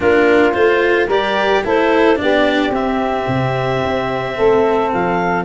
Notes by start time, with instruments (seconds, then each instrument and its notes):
0.00 tuba A#3, cello D4, saxophone F4, clarinet A#4
0.52 tuba A3, cello F4, clarinet C5
1.07 tuba G3, cello G4, saxophone A#4, clarinet D5
1.63 tuba A3, cello E4, saxophone A4, clarinet C5
2.15 tuba B3, cello D4, saxophone G4, clarinet D5
2.70 tuba C4, cello C4, clarinet E5
3.27 tuba C3
3.84 tuba C4
4.35 tuba A3, saxophone A4
4.92 tuba F3, clarinet F5